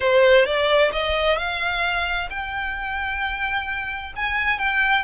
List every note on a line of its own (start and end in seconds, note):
0.00 0.45 C5
0.45 0.91 D5
0.92 1.37 D#5
1.37 2.29 F5
2.30 4.13 G5
4.16 4.59 G#5
4.59 5.04 G5